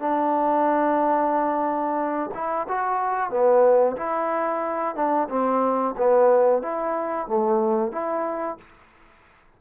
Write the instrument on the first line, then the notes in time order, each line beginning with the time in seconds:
trombone
0.00 D4
2.34 E4
2.68 F#4
3.30 B3
3.97 E4
4.95 D4
5.29 C4
5.97 B3
6.62 E4
7.27 A3
7.92 E4